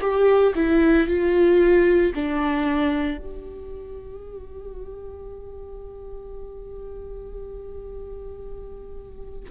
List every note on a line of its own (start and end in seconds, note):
0.00 0.53 G4
0.55 1.07 E4
1.07 2.12 F4
2.15 3.17 D4
3.17 9.49 G4